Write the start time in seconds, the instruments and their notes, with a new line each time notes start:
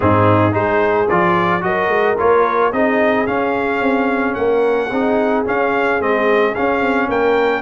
0.00 tuba G#2, trombone C4, horn D#4, trumpet G#4
0.51 tuba G#3, trombone D#4, horn G#4, trumpet C5
1.08 tuba F3, trombone F4, trumpet D5
1.61 tuba F#3, trombone F#4, horn A#4, trumpet D#5
1.88 tuba G#3
2.17 tuba A#3, trombone F4, trumpet C#5
2.72 tuba C4, trombone D#4, horn G#4, trumpet D#5
3.26 trombone C#4, tuba C#4, trumpet F5
3.80 tuba C4
4.34 tuba A#3, horn A#4, trumpet F#5
4.90 tuba C4, trombone D#4, horn G#4
5.45 trombone C#4, tuba C#4, trumpet F5
5.99 tuba G#3, trombone C4, trumpet D#5
6.55 trombone C#4, tuba C#4, trumpet F5
6.80 tuba C4
7.09 tuba A#3, horn A#4, trumpet G5